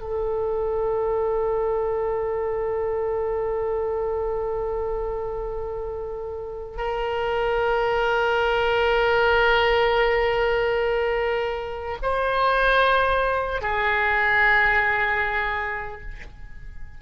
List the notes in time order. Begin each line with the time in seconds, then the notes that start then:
0.00 A4
6.77 A#4
12.02 C5
13.61 G#4